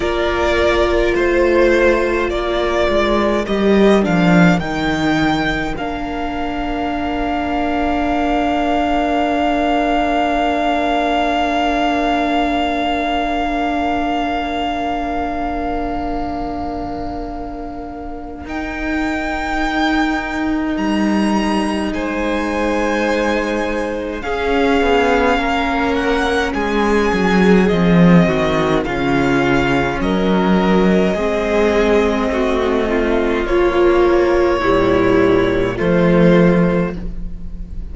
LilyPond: <<
  \new Staff \with { instrumentName = "violin" } { \time 4/4 \tempo 4 = 52 d''4 c''4 d''4 dis''8 f''8 | g''4 f''2.~ | f''1~ | f''1 |
g''2 ais''4 gis''4~ | gis''4 f''4. fis''8 gis''4 | dis''4 f''4 dis''2~ | dis''4 cis''2 c''4 | }
  \new Staff \with { instrumentName = "violin" } { \time 4/4 ais'4 c''4 ais'2~ | ais'1~ | ais'1~ | ais'1~ |
ais'2. c''4~ | c''4 gis'4 ais'4 gis'4~ | gis'8 fis'8 f'4 ais'4 gis'4 | fis'8 f'4. e'4 f'4 | }
  \new Staff \with { instrumentName = "viola" } { \time 4/4 f'2. g'8 d'8 | dis'4 d'2.~ | d'1~ | d'1 |
dis'1~ | dis'4 cis'2. | c'4 cis'2 c'4~ | c'4 f4 g4 a4 | }
  \new Staff \with { instrumentName = "cello" } { \time 4/4 ais4 a4 ais8 gis8 g8 f8 | dis4 ais2.~ | ais1~ | ais1 |
dis'2 g4 gis4~ | gis4 cis'8 b8 ais4 gis8 fis8 | f8 dis8 cis4 fis4 gis4 | a4 ais4 ais,4 f4 | }
>>